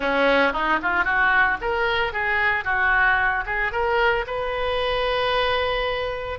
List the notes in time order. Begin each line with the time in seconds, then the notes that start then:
0.00 C#4
0.52 D#4
0.82 F4
1.04 F#4
1.61 A#4
2.12 G#4
2.64 F#4
3.46 G#4
3.72 A#4
4.26 B4